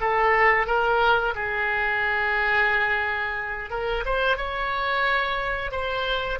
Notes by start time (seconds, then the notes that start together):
0.00 A4
0.66 A#4
1.35 G#4
3.70 A#4
4.05 C5
4.36 C#5
5.71 C5